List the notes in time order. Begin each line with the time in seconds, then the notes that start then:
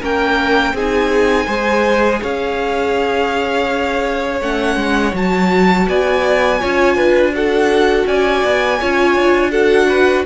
0.00 A#3 C#4 A#4 G5
0.73 C4 D#4 G#4 G#5
1.46 G#3 G#4 C5
2.21 C#4 C#5 F5
4.41 A3 C#4 F#5
4.75 G#3
5.13 F#3 F#4 A5
5.88 B3 D5 G#5
6.60 C#4 F4 C#5
6.95 D4 B4
7.32 F#4 A4 F#5
8.06 C#4 D5 G#5
8.44 B3
8.80 C#4 F4 C#5
9.15 D4
9.50 F#4 A4 F#5
9.88 B4